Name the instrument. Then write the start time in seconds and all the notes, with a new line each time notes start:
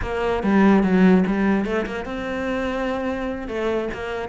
cello
0.02 A#3
0.43 G3
0.83 F#3
1.26 G3
1.65 A3
1.86 A#3
2.05 C4
3.47 A3
3.93 A#3